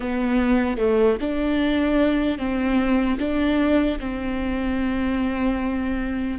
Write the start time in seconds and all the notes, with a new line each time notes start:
0.00 B3
0.77 A3
1.20 D4
2.38 C4
3.19 D4
3.99 C4